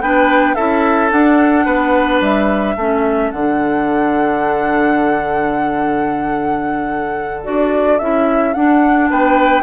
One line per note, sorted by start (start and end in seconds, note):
0.00 0.55 B3
0.00 0.56 D4
0.00 0.55 B4
0.00 0.54 G5
0.54 1.11 C#4
0.54 1.10 E4
0.54 1.65 A4
0.54 1.09 E5
1.10 2.76 D4
1.10 1.65 D4
1.10 2.21 F#5
1.65 2.20 B3
1.65 2.75 B4
2.20 2.75 G3
2.20 3.30 E5
2.75 3.31 A3
2.75 3.34 C#4
2.75 9.08 A4
3.30 7.45 D3
3.30 7.43 D4
3.30 7.43 F#5
7.43 8.00 D4
7.43 7.98 F#4
7.43 7.98 D5
7.98 8.55 C#4
7.98 8.55 E4
7.98 8.53 E5
8.53 9.63 D4
8.53 9.10 D4
8.53 9.08 F#5
9.09 9.63 B3
9.09 9.63 B4
9.09 9.63 G5